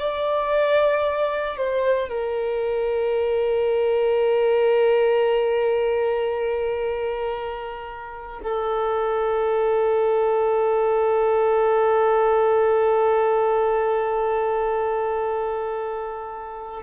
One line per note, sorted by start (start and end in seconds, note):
0.00 1.58 D5
1.58 2.10 C5
2.10 8.41 A#4
8.43 16.83 A4